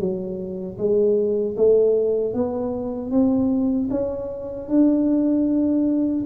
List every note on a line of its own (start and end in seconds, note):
0.00 0.78 F#3
0.78 1.56 G#3
1.57 2.34 A3
2.34 3.11 B3
3.11 3.89 C4
3.91 4.69 C#4
4.69 6.25 D4